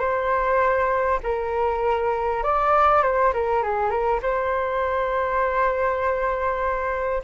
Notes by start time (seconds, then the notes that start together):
0.00 C5
1.24 A#4
2.44 D5
3.03 C5
3.33 A#4
3.63 G#4
3.90 A#4
4.23 C5